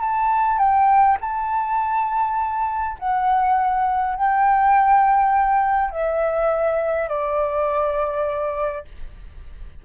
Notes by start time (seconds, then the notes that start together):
0.00 A5
0.58 G5
1.21 A5
2.99 F#5
4.15 G5
5.90 E5
7.08 D5